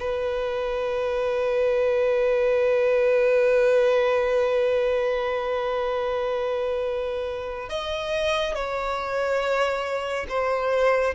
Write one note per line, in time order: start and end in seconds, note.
0.00 7.70 B4
7.70 8.55 D#5
8.55 10.27 C#5
10.29 11.15 C5